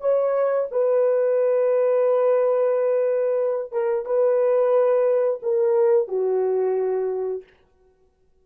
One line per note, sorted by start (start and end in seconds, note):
0.00 0.67 C#5
0.71 3.72 B4
3.72 4.05 A#4
4.05 5.40 B4
5.42 6.08 A#4
6.08 7.43 F#4